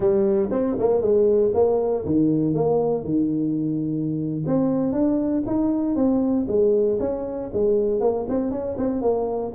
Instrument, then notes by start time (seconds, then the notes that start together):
tuba
0.00 G3
0.51 C4
0.78 A#3
1.01 G#3
1.54 A#3
2.05 D#3
2.54 A#3
3.04 D#3
4.46 C4
4.92 D4
5.46 D#4
5.95 C4
6.47 G#3
6.99 C#4
7.53 G#3
8.00 A#3
8.28 C4
8.51 C#4
8.77 C4
9.01 A#3